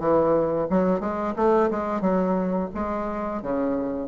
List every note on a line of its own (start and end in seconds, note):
0.00 0.68 E3
0.70 1.00 F#3
1.00 1.35 G#3
1.36 1.70 A3
1.71 2.01 G#3
2.01 2.70 F#3
2.75 3.42 G#3
3.42 4.08 C#3